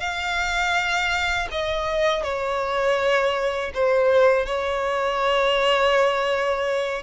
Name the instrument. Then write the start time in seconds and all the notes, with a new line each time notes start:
violin
0.00 F5
1.51 D#5
2.23 C#5
3.74 C5
4.46 C#5